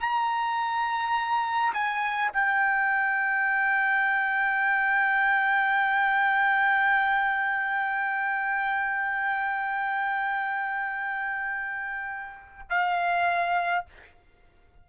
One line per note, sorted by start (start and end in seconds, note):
0.00 1.73 A#5
1.74 2.31 G#5
2.33 12.70 G5
12.70 13.85 F5